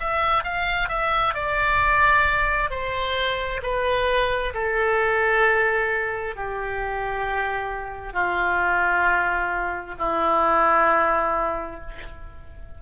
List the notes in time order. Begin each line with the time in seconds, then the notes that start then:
0.00 E5
0.44 F5
0.89 E5
1.34 D5
2.70 C5
3.62 B4
4.54 A4
6.36 G4
8.13 F4
9.99 E4